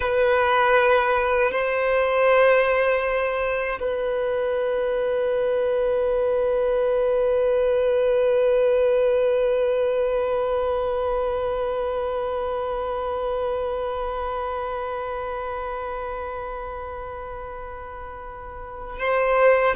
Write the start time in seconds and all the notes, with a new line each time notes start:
0.00 B4
1.51 C5
3.79 B4
18.98 C5